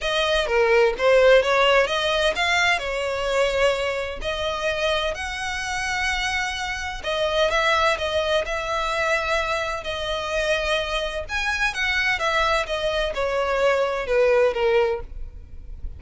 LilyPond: \new Staff \with { instrumentName = "violin" } { \time 4/4 \tempo 4 = 128 dis''4 ais'4 c''4 cis''4 | dis''4 f''4 cis''2~ | cis''4 dis''2 fis''4~ | fis''2. dis''4 |
e''4 dis''4 e''2~ | e''4 dis''2. | gis''4 fis''4 e''4 dis''4 | cis''2 b'4 ais'4 | }